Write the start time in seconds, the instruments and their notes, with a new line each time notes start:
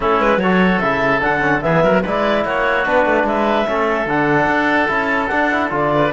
0.00 cello A3, trombone C#4, oboe E4, clarinet A4
0.20 cello G#3, clarinet B4
0.37 cello F#3, trombone F#4, oboe A4, clarinet C#5
0.79 cello C#3, trombone E4, clarinet E5
1.20 cello D3, trombone D4, clarinet F#5
1.40 trombone C#4
1.61 cello E3, trombone B3, oboe G#4, clarinet E5
1.83 cello F#3, oboe A#4
2.02 cello G#3, trombone E4, oboe B4, clarinet D5
2.44 cello A#3, oboe F#4, clarinet C#5
2.85 cello B3, trombone D4, clarinet B4
3.05 cello A3
3.23 cello G#3, oboe B4, clarinet E5
3.66 cello A3, trombone C#4, oboe A4
4.06 cello D3, trombone D4, clarinet F#5
4.46 cello D4
4.87 cello C#4, trombone E4, clarinet A5
5.27 trombone D4, cello D4, clarinet F#5
5.51 trombone E4
5.70 cello D3, trombone F4, clarinet D5
5.95 oboe B4